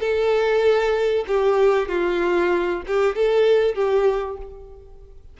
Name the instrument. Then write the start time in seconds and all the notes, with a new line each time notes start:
violin
0.00 A4
1.27 G4
1.89 F4
2.87 G4
3.15 A4
3.75 G4